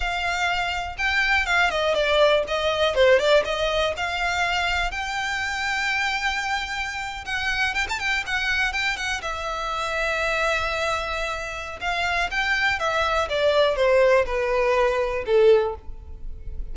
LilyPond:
\new Staff \with { instrumentName = "violin" } { \time 4/4 \tempo 4 = 122 f''2 g''4 f''8 dis''8 | d''4 dis''4 c''8 d''8 dis''4 | f''2 g''2~ | g''2~ g''8. fis''4 g''16 |
a''16 g''8 fis''4 g''8 fis''8 e''4~ e''16~ | e''1 | f''4 g''4 e''4 d''4 | c''4 b'2 a'4 | }